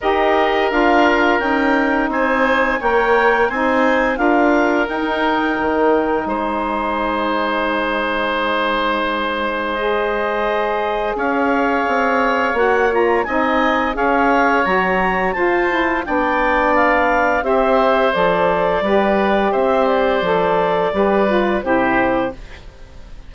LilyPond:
<<
  \new Staff \with { instrumentName = "clarinet" } { \time 4/4 \tempo 4 = 86 dis''4 f''4 g''4 gis''4 | g''4 gis''4 f''4 g''4~ | g''4 gis''2.~ | gis''2 dis''2 |
f''2 fis''8 ais''8 gis''4 | f''4 ais''4 a''4 g''4 | f''4 e''4 d''2 | e''8 d''2~ d''8 c''4 | }
  \new Staff \with { instrumentName = "oboe" } { \time 4/4 ais'2. c''4 | cis''4 c''4 ais'2~ | ais'4 c''2.~ | c''1 |
cis''2. dis''4 | cis''2 c''4 d''4~ | d''4 c''2 b'4 | c''2 b'4 g'4 | }
  \new Staff \with { instrumentName = "saxophone" } { \time 4/4 g'4 f'4 dis'2 | ais'4 dis'4 f'4 dis'4~ | dis'1~ | dis'2 gis'2~ |
gis'2 fis'8 f'8 dis'4 | gis'4 fis'4 f'8 e'8 d'4~ | d'4 g'4 a'4 g'4~ | g'4 a'4 g'8 f'8 e'4 | }
  \new Staff \with { instrumentName = "bassoon" } { \time 4/4 dis'4 d'4 cis'4 c'4 | ais4 c'4 d'4 dis'4 | dis4 gis2.~ | gis1 |
cis'4 c'4 ais4 c'4 | cis'4 fis4 f'4 b4~ | b4 c'4 f4 g4 | c'4 f4 g4 c4 | }
>>